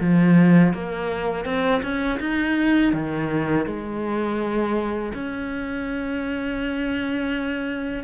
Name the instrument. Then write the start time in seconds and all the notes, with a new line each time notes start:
cello
0.00 F3
0.73 A#3
1.45 C4
1.82 C#4
2.20 D#4
2.93 D#3
3.66 G#3
5.13 C#4